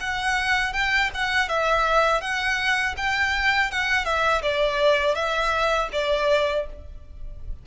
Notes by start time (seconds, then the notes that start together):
0.00 F#5
0.73 G5
1.14 F#5
1.48 E5
2.21 F#5
2.97 G5
3.71 F#5
4.05 E5
4.42 D5
5.15 E5
5.92 D5